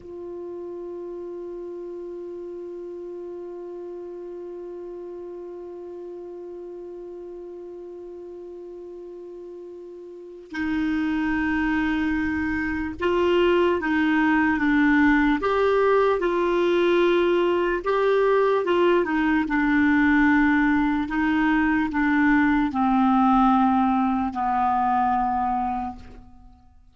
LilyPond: \new Staff \with { instrumentName = "clarinet" } { \time 4/4 \tempo 4 = 74 f'1~ | f'1~ | f'1~ | f'4 dis'2. |
f'4 dis'4 d'4 g'4 | f'2 g'4 f'8 dis'8 | d'2 dis'4 d'4 | c'2 b2 | }